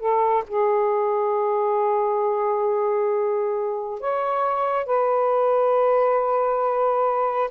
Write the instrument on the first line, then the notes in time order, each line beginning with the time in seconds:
saxophone
0.00 A4
0.48 G#4
4.01 C#5
4.86 B4